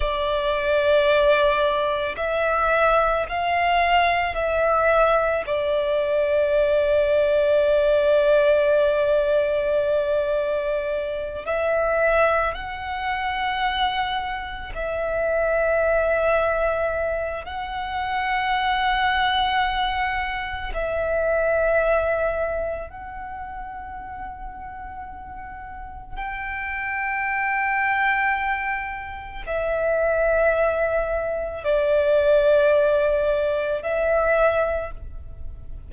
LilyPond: \new Staff \with { instrumentName = "violin" } { \time 4/4 \tempo 4 = 55 d''2 e''4 f''4 | e''4 d''2.~ | d''2~ d''8 e''4 fis''8~ | fis''4. e''2~ e''8 |
fis''2. e''4~ | e''4 fis''2. | g''2. e''4~ | e''4 d''2 e''4 | }